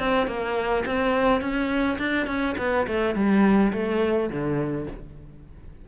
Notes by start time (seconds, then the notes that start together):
0.00 C4
0.28 A#3
0.86 C4
1.41 C#4
1.99 D4
2.27 C#4
2.58 B3
2.88 A3
3.16 G3
3.73 A3
4.30 D3